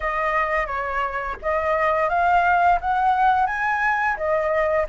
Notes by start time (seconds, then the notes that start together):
0.00 D#5
0.66 C#5
1.42 D#5
2.09 F5
2.80 F#5
3.46 G#5
4.16 D#5